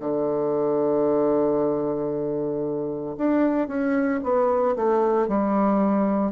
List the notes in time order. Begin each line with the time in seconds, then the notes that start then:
0.00 D3
3.18 D4
3.68 C#4
4.23 B3
4.76 A3
5.28 G3